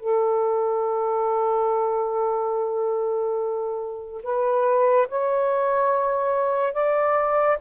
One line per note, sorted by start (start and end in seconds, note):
0.00 4.23 A4
4.23 5.08 B4
5.09 6.74 C#5
6.74 7.58 D5